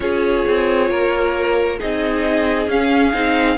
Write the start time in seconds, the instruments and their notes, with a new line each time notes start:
0.00 cello C#4, viola F4, violin G#4 C#5
0.47 cello C4
0.90 cello A#3, violin A#4
1.79 cello C4, viola D#4, violin G#4 D#5
2.67 cello C#4, viola C#4, violin F5
3.13 cello C4, viola D#4